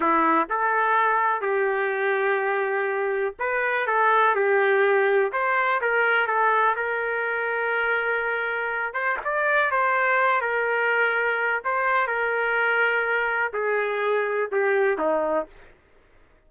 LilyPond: \new Staff \with { instrumentName = "trumpet" } { \time 4/4 \tempo 4 = 124 e'4 a'2 g'4~ | g'2. b'4 | a'4 g'2 c''4 | ais'4 a'4 ais'2~ |
ais'2~ ais'8 c''8 d''4 | c''4. ais'2~ ais'8 | c''4 ais'2. | gis'2 g'4 dis'4 | }